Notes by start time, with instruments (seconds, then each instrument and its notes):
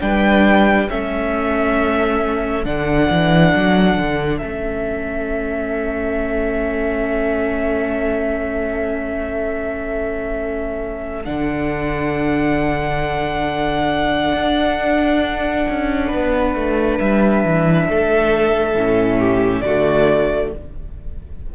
0.00 cello G3, viola D4, violin B4 G5
0.89 cello A3, viola C#4, violin A4 E5
2.64 cello D3, viola D4, violin F#5
3.10 cello E3
3.54 cello F#3
3.97 cello D3
4.38 cello A3, viola C#4, violin E5
11.24 cello D3, viola D4, violin F#5
14.33 cello D4
15.69 cello C#4
16.07 violin B4
16.13 cello B3
16.55 cello A3
16.99 cello G3, violin E5
17.44 cello E3
17.88 cello A3, violin A4
18.74 cello A2, viola C#4
19.19 violin G4
19.60 cello D3, viola A3, violin F#4 D5